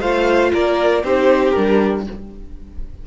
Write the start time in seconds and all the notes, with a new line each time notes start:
0.00 A3 F4 C5 F5
0.53 A#3 A#4 D5
1.03 C4 D#4 G4 C5
1.50 G3 D4 A#4